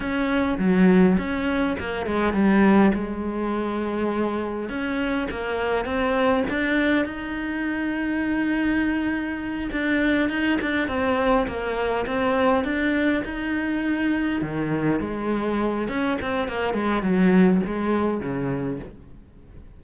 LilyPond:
\new Staff \with { instrumentName = "cello" } { \time 4/4 \tempo 4 = 102 cis'4 fis4 cis'4 ais8 gis8 | g4 gis2. | cis'4 ais4 c'4 d'4 | dis'1~ |
dis'8 d'4 dis'8 d'8 c'4 ais8~ | ais8 c'4 d'4 dis'4.~ | dis'8 dis4 gis4. cis'8 c'8 | ais8 gis8 fis4 gis4 cis4 | }